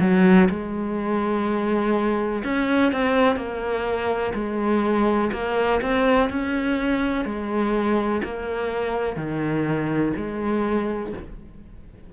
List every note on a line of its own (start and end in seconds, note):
0.00 0.48 F#3
0.49 2.43 G#3
2.43 2.92 C#4
2.92 3.36 C4
3.36 4.33 A#3
4.34 5.31 G#3
5.32 5.81 A#3
5.81 6.29 C4
6.29 7.25 C#4
7.25 8.22 G#3
8.23 9.16 A#3
9.16 10.13 D#3
10.16 11.13 G#3